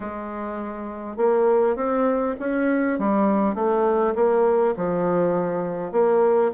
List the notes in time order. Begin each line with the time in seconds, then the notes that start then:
0.00 G#3
1.16 A#3
1.76 C4
2.39 C#4
2.98 G3
3.55 A3
4.14 A#3
4.77 F3
5.92 A#3